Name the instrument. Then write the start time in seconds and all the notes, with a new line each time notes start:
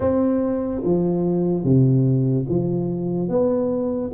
tuba
0.00 C4
0.84 F3
1.64 C3
2.48 F3
3.28 B3